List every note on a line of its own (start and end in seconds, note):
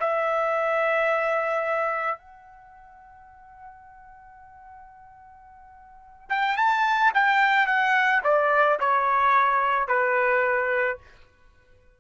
0.00 2.18 E5
2.18 6.30 F#5
6.30 6.57 G5
6.57 7.12 A5
7.14 7.67 G5
7.67 8.22 F#5
8.24 8.79 D5
8.80 9.88 C#5
9.88 10.98 B4